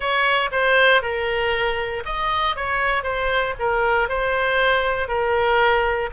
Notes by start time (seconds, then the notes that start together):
0.00 C#5
0.51 C5
1.02 A#4
2.05 D#5
2.56 C#5
3.03 C5
3.59 A#4
4.08 C5
5.08 A#4